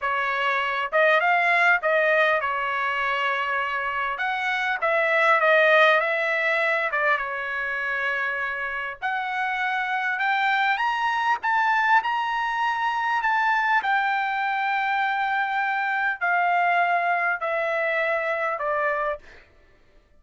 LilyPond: \new Staff \with { instrumentName = "trumpet" } { \time 4/4 \tempo 4 = 100 cis''4. dis''8 f''4 dis''4 | cis''2. fis''4 | e''4 dis''4 e''4. d''8 | cis''2. fis''4~ |
fis''4 g''4 ais''4 a''4 | ais''2 a''4 g''4~ | g''2. f''4~ | f''4 e''2 d''4 | }